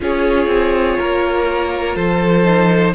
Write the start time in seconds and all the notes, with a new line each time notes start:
0.00 C#4 F4 G#4 C#5
0.46 C4
0.98 A#3 A#4
1.95 F3 A4 C5
2.44 D#4